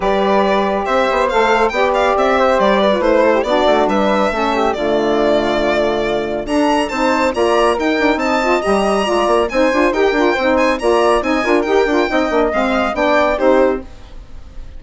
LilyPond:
<<
  \new Staff \with { instrumentName = "violin" } { \time 4/4 \tempo 4 = 139 d''2 e''4 f''4 | g''8 f''8 e''4 d''4 c''4 | d''4 e''2 d''4~ | d''2. ais''4 |
a''4 ais''4 g''4 a''4 | ais''2 gis''4 g''4~ | g''8 gis''8 ais''4 gis''4 g''4~ | g''4 f''4 g''4 c''4 | }
  \new Staff \with { instrumentName = "flute" } { \time 4/4 b'2 c''2 | d''4. c''4 b'4 a'16 g'16 | fis'4 b'4 a'8 g'8 f'4~ | f'2. a'4 |
c''4 d''4 ais'4 dis''4~ | dis''4 d''4 c''4 ais'4 | c''4 d''4 dis''8 ais'4. | dis''2 d''4 g'4 | }
  \new Staff \with { instrumentName = "saxophone" } { \time 4/4 g'2. a'4 | g'2~ g'8. f'16 e'4 | d'2 cis'4 a4~ | a2. d'4 |
dis'4 f'4 dis'4. f'8 | g'4 f'4 dis'8 f'8 g'8 f'8 | dis'4 f'4 dis'8 f'8 g'8 f'8 | dis'8 d'8 c'4 d'4 dis'4 | }
  \new Staff \with { instrumentName = "bassoon" } { \time 4/4 g2 c'8 b8 a4 | b4 c'4 g4 a4 | b8 a8 g4 a4 d4~ | d2. d'4 |
c'4 ais4 dis'8 d'8 c'4 | g4 gis8 ais8 c'8 d'8 dis'8 d'8 | c'4 ais4 c'8 d'8 dis'8 d'8 | c'8 ais8 gis4 b4 c'4 | }
>>